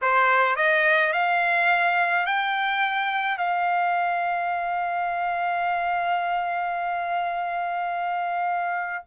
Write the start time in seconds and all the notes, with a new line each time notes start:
0.01 C5
0.56 D#5
1.12 F5
2.26 G5
3.37 F5